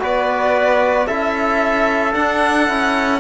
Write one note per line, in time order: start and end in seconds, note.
0.00 1.07 B3
0.00 1.07 F#4
0.00 1.07 B4
0.00 1.07 D5
1.07 2.14 C#4
1.07 2.13 E4
1.07 3.20 A4
1.07 2.14 E5
2.13 2.67 D4
2.13 2.69 D4
2.13 3.20 F#5
2.67 3.20 C#4
2.67 3.20 E4